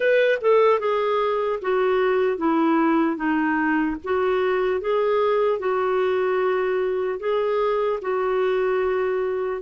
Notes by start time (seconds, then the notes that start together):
0.00 B4
0.41 A4
0.79 G#4
1.61 F#4
2.37 E4
3.16 D#4
4.04 F#4
4.80 G#4
5.59 F#4
7.19 G#4
8.01 F#4